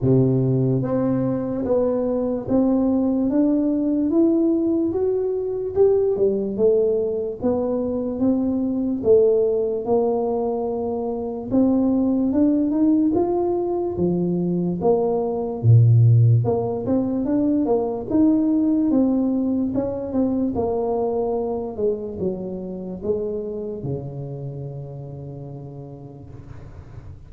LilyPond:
\new Staff \with { instrumentName = "tuba" } { \time 4/4 \tempo 4 = 73 c4 c'4 b4 c'4 | d'4 e'4 fis'4 g'8 g8 | a4 b4 c'4 a4 | ais2 c'4 d'8 dis'8 |
f'4 f4 ais4 ais,4 | ais8 c'8 d'8 ais8 dis'4 c'4 | cis'8 c'8 ais4. gis8 fis4 | gis4 cis2. | }